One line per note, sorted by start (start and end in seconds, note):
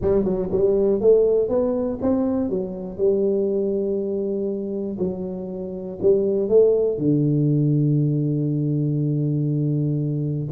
0.01 0.24 G3
0.24 0.49 F#3
0.51 1.00 G3
1.00 1.48 A3
1.48 1.98 B3
2.01 2.49 C4
2.49 2.97 F#3
2.97 4.97 G3
4.98 5.98 F#3
6.01 6.48 G3
6.48 6.97 A3
6.97 10.47 D3